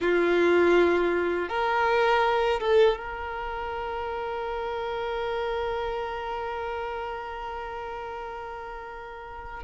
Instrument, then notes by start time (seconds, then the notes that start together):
violin
0.00 F4
1.48 A#4
2.60 A4
2.97 A#4